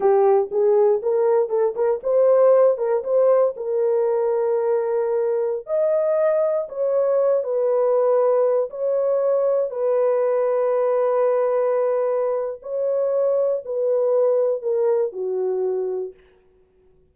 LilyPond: \new Staff \with { instrumentName = "horn" } { \time 4/4 \tempo 4 = 119 g'4 gis'4 ais'4 a'8 ais'8 | c''4. ais'8 c''4 ais'4~ | ais'2.~ ais'16 dis''8.~ | dis''4~ dis''16 cis''4. b'4~ b'16~ |
b'4~ b'16 cis''2 b'8.~ | b'1~ | b'4 cis''2 b'4~ | b'4 ais'4 fis'2 | }